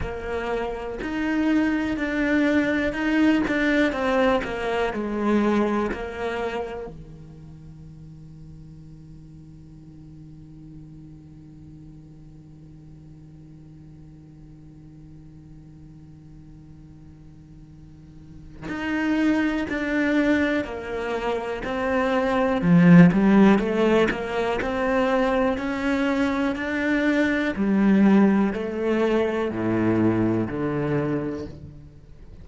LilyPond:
\new Staff \with { instrumentName = "cello" } { \time 4/4 \tempo 4 = 61 ais4 dis'4 d'4 dis'8 d'8 | c'8 ais8 gis4 ais4 dis4~ | dis1~ | dis1~ |
dis2. dis'4 | d'4 ais4 c'4 f8 g8 | a8 ais8 c'4 cis'4 d'4 | g4 a4 a,4 d4 | }